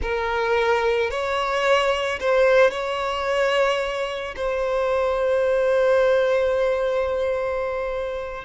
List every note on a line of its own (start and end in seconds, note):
0.02 1.10 A#4
1.10 2.19 C#5
2.20 2.70 C5
2.70 4.34 C#5
4.36 8.44 C5